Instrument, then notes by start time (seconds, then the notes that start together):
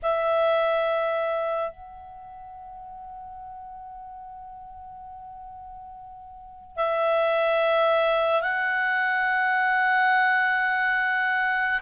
clarinet
0.02 E5
1.71 F#5
6.76 E5
8.42 F#5